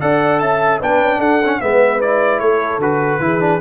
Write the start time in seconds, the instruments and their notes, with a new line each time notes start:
0.00 tuba D4, trombone A4, horn D5, trumpet F#5
0.39 tuba C#4, horn E5, trumpet A5
0.79 tuba B3, trombone D4, horn B4, trumpet G5
1.00 tuba C#4
1.18 tuba D4, horn A4, trumpet F#5
1.44 trombone C#4
1.60 tuba G#3, trombone B3, horn B4, trumpet E5
2.00 trombone E4, trumpet D5
2.39 tuba A3, horn A4, trumpet C#5
2.78 tuba D3, trombone F#4, trumpet B4
3.19 tuba E3, trombone E4, horn G#4
3.40 trombone D4